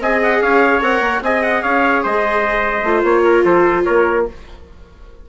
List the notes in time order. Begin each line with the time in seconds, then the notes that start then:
0.00 C4 G#4 D#5 G#5
0.23 F#5
0.42 C#4 C#5 F5
0.81 C4 A#4 F#5
1.00 A#3
1.22 C4 G#4 D#5 G#5
1.43 F#5
1.63 C#4 C#5 F5
2.03 G#3 C5 D#5
2.83 A3 F4
3.04 A#3 C#5
3.24 A#4
3.44 F3 A4 C5
3.84 A#3 A#4 C#5